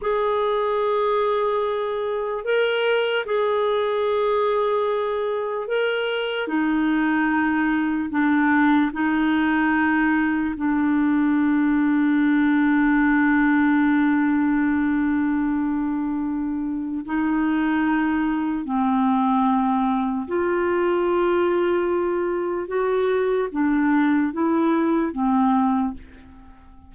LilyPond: \new Staff \with { instrumentName = "clarinet" } { \time 4/4 \tempo 4 = 74 gis'2. ais'4 | gis'2. ais'4 | dis'2 d'4 dis'4~ | dis'4 d'2.~ |
d'1~ | d'4 dis'2 c'4~ | c'4 f'2. | fis'4 d'4 e'4 c'4 | }